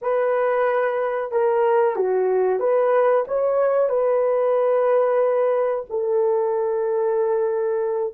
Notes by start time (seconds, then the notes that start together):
0.01 B4
1.31 A#4
1.96 F#4
2.59 B4
3.27 C#5
3.89 B4
5.89 A4